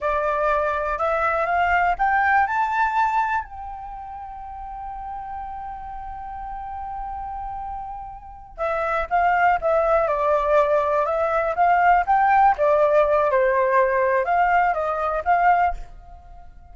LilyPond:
\new Staff \with { instrumentName = "flute" } { \time 4/4 \tempo 4 = 122 d''2 e''4 f''4 | g''4 a''2 g''4~ | g''1~ | g''1~ |
g''4. e''4 f''4 e''8~ | e''8 d''2 e''4 f''8~ | f''8 g''4 d''4. c''4~ | c''4 f''4 dis''4 f''4 | }